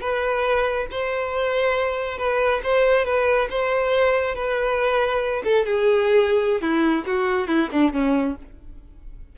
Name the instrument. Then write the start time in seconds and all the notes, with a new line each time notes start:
violin
0.00 B4
0.91 C5
2.17 B4
2.63 C5
3.05 B4
3.50 C5
4.34 B4
5.44 A4
5.65 G#4
6.61 E4
7.06 F#4
7.47 E4
7.71 D4
7.92 C#4